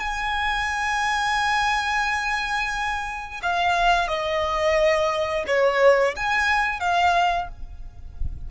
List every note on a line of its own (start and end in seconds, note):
0.00 3.41 G#5
3.42 4.08 F5
4.08 5.45 D#5
5.47 6.15 C#5
6.16 6.80 G#5
6.80 7.48 F5